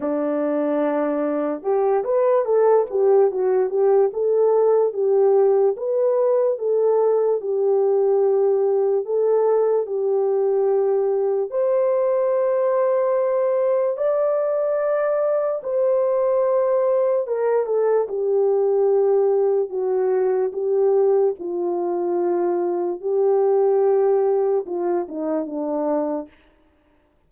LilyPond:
\new Staff \with { instrumentName = "horn" } { \time 4/4 \tempo 4 = 73 d'2 g'8 b'8 a'8 g'8 | fis'8 g'8 a'4 g'4 b'4 | a'4 g'2 a'4 | g'2 c''2~ |
c''4 d''2 c''4~ | c''4 ais'8 a'8 g'2 | fis'4 g'4 f'2 | g'2 f'8 dis'8 d'4 | }